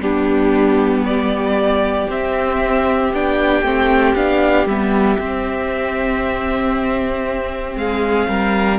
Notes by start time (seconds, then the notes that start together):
0.00 G3 B3 D4 G4
1.05 G4 D5
2.09 C4 E5
3.14 B3 D4 G5
3.63 A3 C4
4.16 B3 D4 F5
4.66 G3 B3 E5
5.20 C4
7.76 G#3 G#4 F5
8.28 G3 A#4